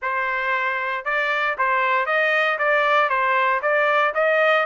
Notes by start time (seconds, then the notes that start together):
0.01 C5
1.04 D5
1.58 C5
2.06 D#5
2.58 D5
3.09 C5
3.62 D5
4.14 D#5